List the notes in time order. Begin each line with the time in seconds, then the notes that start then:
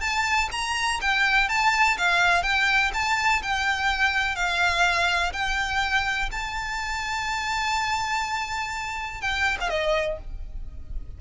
0.00 A5
0.51 A#5
1.01 G5
1.49 A5
1.97 F5
2.43 G5
2.94 A5
3.42 G5
4.35 F5
5.32 G5
6.31 A5
9.21 G5
9.60 F5
9.69 D#5